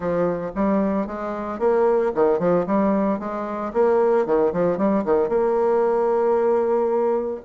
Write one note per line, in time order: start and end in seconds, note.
0.00 0.51 F3
0.55 1.06 G3
1.06 1.59 G#3
1.59 2.12 A#3
2.14 2.39 D#3
2.39 2.65 F3
2.66 3.19 G3
3.19 3.72 G#3
3.73 4.26 A#3
4.26 4.52 D#3
4.53 4.77 F3
4.77 5.04 G3
5.04 5.28 D#3
5.28 7.41 A#3